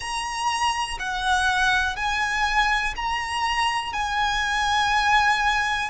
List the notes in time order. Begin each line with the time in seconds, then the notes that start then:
0.00 A#5
0.99 F#5
1.95 G#5
2.96 A#5
3.93 G#5